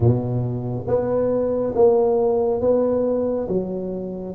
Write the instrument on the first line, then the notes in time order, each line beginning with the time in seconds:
tuba
0.00 B2
0.87 B3
1.75 A#3
2.60 B3
3.48 F#3